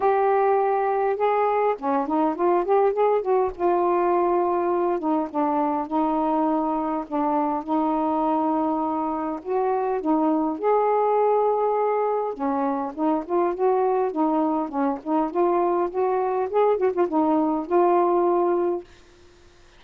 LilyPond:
\new Staff \with { instrumentName = "saxophone" } { \time 4/4 \tempo 4 = 102 g'2 gis'4 cis'8 dis'8 | f'8 g'8 gis'8 fis'8 f'2~ | f'8 dis'8 d'4 dis'2 | d'4 dis'2. |
fis'4 dis'4 gis'2~ | gis'4 cis'4 dis'8 f'8 fis'4 | dis'4 cis'8 dis'8 f'4 fis'4 | gis'8 fis'16 f'16 dis'4 f'2 | }